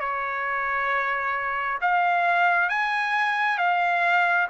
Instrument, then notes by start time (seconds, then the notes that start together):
trumpet
0.00 C#5
1.82 F5
2.69 G#5
3.59 F5